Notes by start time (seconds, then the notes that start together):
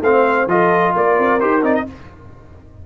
0.00 A3 C4 C5 F5
0.46 F3 F4 A4 D#5
0.94 A#3 A#4 D5
1.18 C4
1.40 D#4 G4 C5
1.62 C4 D#4 D5
1.74 D#5